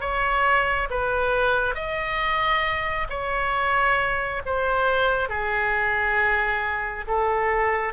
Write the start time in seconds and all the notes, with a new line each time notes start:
0.00 C#5
0.90 B4
1.75 D#5
3.10 C#5
4.46 C5
5.29 G#4
7.07 A4